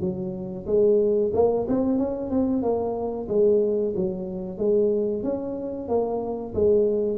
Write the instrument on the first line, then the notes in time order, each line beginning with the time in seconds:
tuba
0.00 F#3
0.66 G#3
1.33 A#3
1.67 C4
1.98 C#4
2.30 C4
2.62 A#3
3.28 G#3
3.96 F#3
4.57 G#3
5.23 C#4
5.88 A#3
6.54 G#3